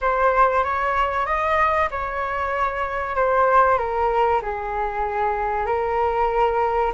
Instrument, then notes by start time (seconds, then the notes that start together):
flute
0.01 C5
0.63 C#5
1.25 D#5
1.90 C#5
3.16 C5
3.78 A#4
4.42 G#4
5.66 A#4